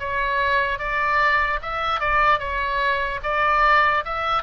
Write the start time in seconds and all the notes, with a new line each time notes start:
0.00 C#5
0.79 D5
1.63 E5
2.00 D5
2.40 C#5
3.24 D5
4.05 E5